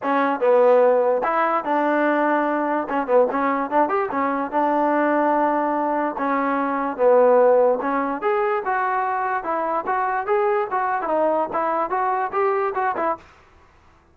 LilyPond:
\new Staff \with { instrumentName = "trombone" } { \time 4/4 \tempo 4 = 146 cis'4 b2 e'4 | d'2. cis'8 b8 | cis'4 d'8 g'8 cis'4 d'4~ | d'2. cis'4~ |
cis'4 b2 cis'4 | gis'4 fis'2 e'4 | fis'4 gis'4 fis'8. e'16 dis'4 | e'4 fis'4 g'4 fis'8 e'8 | }